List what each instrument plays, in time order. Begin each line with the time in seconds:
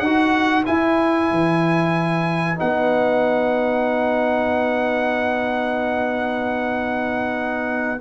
0.00 tuba D#4, trombone F#4, horn B4, trumpet F#5
0.66 trombone E4, tuba E4, trumpet G#5
1.32 tuba E3
2.56 tuba B3, trombone D#4, trumpet F#5